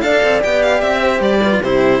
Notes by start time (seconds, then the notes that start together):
0.00 D4 A4 D5 F5
0.23 C4
0.40 B3 G4 G5
0.62 F5
0.81 C4 E5
1.00 C5
1.20 G3 D5
1.43 F4 B4
1.61 C3 E4 G4 C5